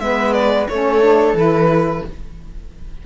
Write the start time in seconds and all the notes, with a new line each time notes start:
0.00 G#3 B3 B4 E5
0.33 D5
0.69 A3 C#4 A4 C#5
1.02 D4
1.34 E3 E4 B4